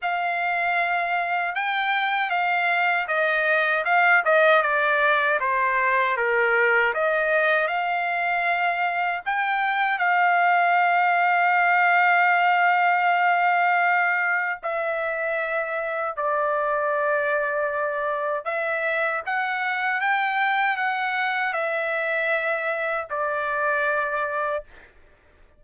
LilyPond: \new Staff \with { instrumentName = "trumpet" } { \time 4/4 \tempo 4 = 78 f''2 g''4 f''4 | dis''4 f''8 dis''8 d''4 c''4 | ais'4 dis''4 f''2 | g''4 f''2.~ |
f''2. e''4~ | e''4 d''2. | e''4 fis''4 g''4 fis''4 | e''2 d''2 | }